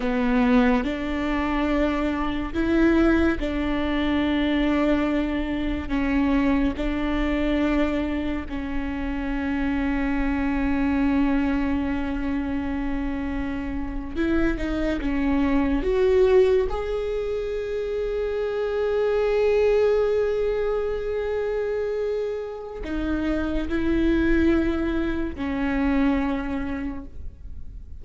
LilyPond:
\new Staff \with { instrumentName = "viola" } { \time 4/4 \tempo 4 = 71 b4 d'2 e'4 | d'2. cis'4 | d'2 cis'2~ | cis'1~ |
cis'8. e'8 dis'8 cis'4 fis'4 gis'16~ | gis'1~ | gis'2. dis'4 | e'2 cis'2 | }